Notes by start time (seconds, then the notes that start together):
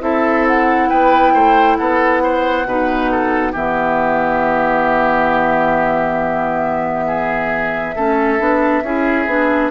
0.00 C4 E4 A4 E5
0.47 F#5
0.89 B3 B4 G5
1.33 A3 C5
1.76 B3 A4 F#5
2.23 C5
2.65 B2 D#4 B4
3.11 A4
3.52 E3 B3 G4 E5
7.07 G#4
7.95 A3 C#4 A4
8.38 B3 D4
8.82 C#4 E4 G#4
9.26 B3 D4